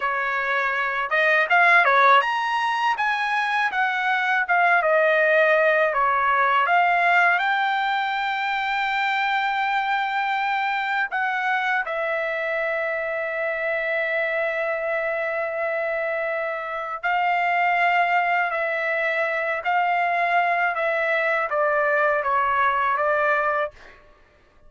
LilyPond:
\new Staff \with { instrumentName = "trumpet" } { \time 4/4 \tempo 4 = 81 cis''4. dis''8 f''8 cis''8 ais''4 | gis''4 fis''4 f''8 dis''4. | cis''4 f''4 g''2~ | g''2. fis''4 |
e''1~ | e''2. f''4~ | f''4 e''4. f''4. | e''4 d''4 cis''4 d''4 | }